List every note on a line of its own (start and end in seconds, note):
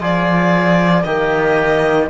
0.00 1.03 F3
0.00 1.04 F4
0.00 1.04 G#4
0.00 1.03 D5
1.03 2.09 D#3
1.03 2.08 A#3
1.03 2.09 G4
1.03 2.07 D#5